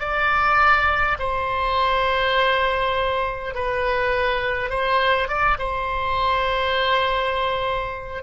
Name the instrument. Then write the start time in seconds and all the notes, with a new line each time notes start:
oboe
0.00 D5
1.19 C5
3.55 B4
4.70 C5
5.28 D5
5.59 C5